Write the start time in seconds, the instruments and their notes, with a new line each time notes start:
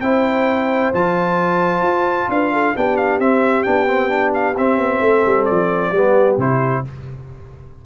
0.00 tuba C4, trombone E4, horn C5, trumpet G5
0.93 tuba F3, trombone F4, trumpet A5
1.82 tuba F4
2.28 tuba D4, horn B4, trumpet F5
2.53 horn A4
2.75 tuba B3, trombone D4, horn G4, trumpet G5
2.96 trumpet F5
3.19 tuba C4, trombone C4, trumpet E5
3.63 tuba B3, trombone D4, trumpet G5
3.87 trombone C4
4.08 trombone D4
4.34 trumpet F5
4.56 tuba C4, trombone C4, trumpet E5
4.77 tuba B3
5.00 tuba A3, horn A4
5.26 tuba G3
5.45 tuba F3, trumpet D5
5.92 tuba G3, trombone B3, horn G4
6.37 tuba C3, trombone E4, trumpet C5